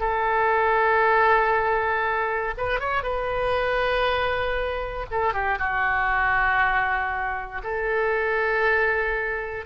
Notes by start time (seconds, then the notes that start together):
0.00 A4
2.57 B4
2.80 C#5
3.03 B4
5.11 A4
5.34 G4
5.59 F#4
7.64 A4